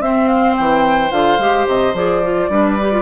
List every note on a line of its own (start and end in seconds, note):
0.00 0.55 C4
0.00 1.10 C4
0.00 2.51 C5
0.00 0.27 E5
0.27 0.55 F5
0.57 1.11 E3
0.57 1.11 G5
1.10 1.38 D3
1.10 1.38 F4
1.10 1.66 F5
1.38 1.66 G#3
1.38 1.94 G4
1.67 1.94 C3
1.67 1.95 D#5
1.94 2.49 F3
1.94 2.23 G#4
1.94 3.02 D5
2.23 2.50 F4
2.49 3.02 G3
2.49 2.78 D4
2.49 3.02 B4
2.81 2.92 G4
2.92 3.02 F4